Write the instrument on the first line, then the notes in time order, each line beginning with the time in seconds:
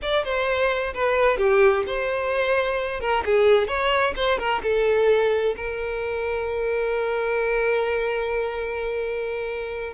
violin
0.01 D5
0.24 C5
0.93 B4
1.37 G4
1.87 C5
3.00 A#4
3.25 G#4
3.67 C#5
4.16 C5
4.38 A#4
4.63 A4
5.56 A#4